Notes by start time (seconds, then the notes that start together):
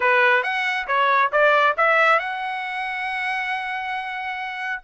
0.00 B4
0.43 F#5
0.87 C#5
1.31 D5
1.77 E5
2.19 F#5